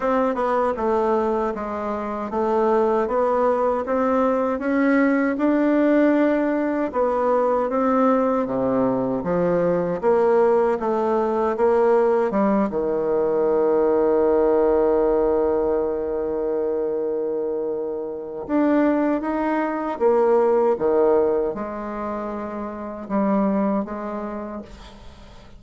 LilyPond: \new Staff \with { instrumentName = "bassoon" } { \time 4/4 \tempo 4 = 78 c'8 b8 a4 gis4 a4 | b4 c'4 cis'4 d'4~ | d'4 b4 c'4 c4 | f4 ais4 a4 ais4 |
g8 dis2.~ dis8~ | dis1 | d'4 dis'4 ais4 dis4 | gis2 g4 gis4 | }